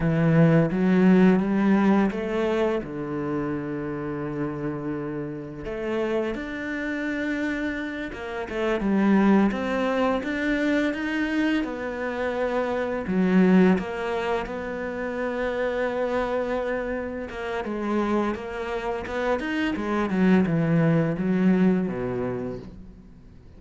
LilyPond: \new Staff \with { instrumentName = "cello" } { \time 4/4 \tempo 4 = 85 e4 fis4 g4 a4 | d1 | a4 d'2~ d'8 ais8 | a8 g4 c'4 d'4 dis'8~ |
dis'8 b2 fis4 ais8~ | ais8 b2.~ b8~ | b8 ais8 gis4 ais4 b8 dis'8 | gis8 fis8 e4 fis4 b,4 | }